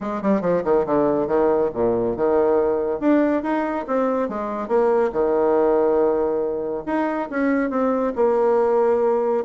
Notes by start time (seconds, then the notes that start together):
0.01 G#3
0.22 G3
0.41 F3
0.64 D#3
0.86 D3
1.27 D#3
1.73 A#2
2.16 D#3
2.99 D4
3.42 D#4
3.87 C4
4.28 G#3
4.68 A#3
5.12 D#3
6.86 D#4
7.30 C#4
7.69 C4
8.15 A#3